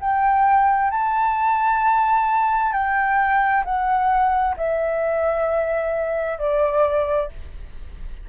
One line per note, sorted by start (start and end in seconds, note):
0.00 0.91 G5
0.91 2.73 A5
2.73 3.64 G5
3.64 4.55 F#5
4.57 6.38 E5
6.38 7.29 D5